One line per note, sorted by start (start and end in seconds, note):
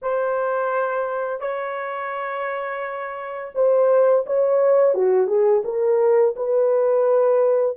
0.02 1.40 C5
1.40 3.52 C#5
3.55 4.25 C5
4.26 4.94 C#5
4.94 5.27 F#4
5.27 5.62 G#4
5.64 6.35 A#4
6.35 7.76 B4